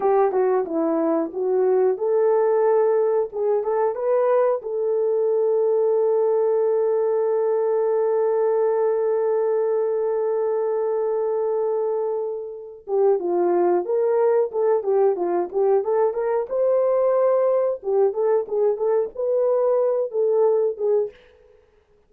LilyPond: \new Staff \with { instrumentName = "horn" } { \time 4/4 \tempo 4 = 91 g'8 fis'8 e'4 fis'4 a'4~ | a'4 gis'8 a'8 b'4 a'4~ | a'1~ | a'1~ |
a'2.~ a'8 g'8 | f'4 ais'4 a'8 g'8 f'8 g'8 | a'8 ais'8 c''2 g'8 a'8 | gis'8 a'8 b'4. a'4 gis'8 | }